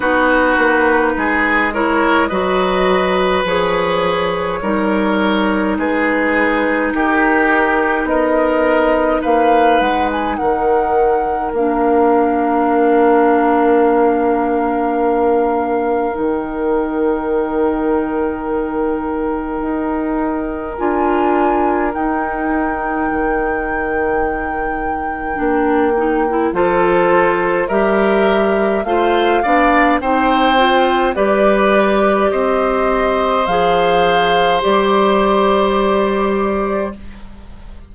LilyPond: <<
  \new Staff \with { instrumentName = "flute" } { \time 4/4 \tempo 4 = 52 b'4. cis''8 dis''4 cis''4~ | cis''4 b'4 ais'4 dis''4 | f''8 fis''16 gis''16 fis''4 f''2~ | f''2 g''2~ |
g''2 gis''4 g''4~ | g''2. c''4 | e''4 f''4 g''4 d''4 | dis''4 f''4 d''2 | }
  \new Staff \with { instrumentName = "oboe" } { \time 4/4 fis'4 gis'8 ais'8 b'2 | ais'4 gis'4 g'4 ais'4 | b'4 ais'2.~ | ais'1~ |
ais'1~ | ais'2. a'4 | ais'4 c''8 d''8 c''4 b'4 | c''1 | }
  \new Staff \with { instrumentName = "clarinet" } { \time 4/4 dis'4. e'8 fis'4 gis'4 | dis'1~ | dis'2 d'2~ | d'2 dis'2~ |
dis'2 f'4 dis'4~ | dis'2 d'8 dis'16 e'16 f'4 | g'4 f'8 d'8 dis'8 f'8 g'4~ | g'4 gis'4 g'2 | }
  \new Staff \with { instrumentName = "bassoon" } { \time 4/4 b8 ais8 gis4 fis4 f4 | g4 gis4 dis'4 b4 | ais8 gis8 dis4 ais2~ | ais2 dis2~ |
dis4 dis'4 d'4 dis'4 | dis2 ais4 f4 | g4 a8 b8 c'4 g4 | c'4 f4 g2 | }
>>